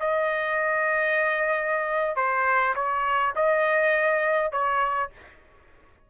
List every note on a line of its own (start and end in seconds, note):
0.00 2.16 D#5
2.16 2.74 C5
2.75 3.33 C#5
3.35 4.52 D#5
4.52 5.10 C#5